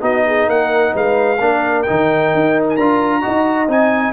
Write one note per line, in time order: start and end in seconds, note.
0.00 0.47 B3
0.00 1.37 D#4
0.00 0.25 F#4
0.00 0.49 D#5
0.26 0.49 G#4
0.47 0.93 A#3
0.47 0.93 A#4
0.47 0.95 F#5
0.93 1.40 G#3
0.93 1.39 B4
0.93 1.83 F5
1.40 1.86 A#3
1.40 1.86 D4
1.40 3.21 A#4
1.83 2.78 D#4
1.83 2.63 G5
1.90 2.34 D#3
2.34 2.77 D#4
2.69 2.76 G#5
2.76 3.23 D4
2.76 3.22 F4
2.76 3.68 A#5
3.21 3.67 F#4
3.21 4.12 D#5
3.27 3.68 D#4
3.68 4.12 C4
3.68 4.12 D#4
3.68 4.12 G#5